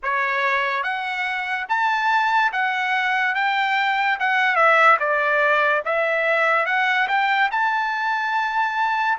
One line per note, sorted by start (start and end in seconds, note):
0.02 0.83 C#5
0.83 1.66 F#5
1.68 2.52 A5
2.52 3.34 F#5
3.34 4.18 G5
4.19 4.55 F#5
4.55 4.97 E5
4.99 5.83 D5
5.85 6.66 E5
6.66 7.07 F#5
7.08 7.49 G5
7.51 9.17 A5